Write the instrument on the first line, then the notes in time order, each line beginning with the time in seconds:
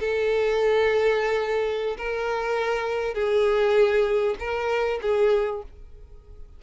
violin
0.00 A4
1.98 A#4
3.14 G#4
4.39 A#4
5.02 G#4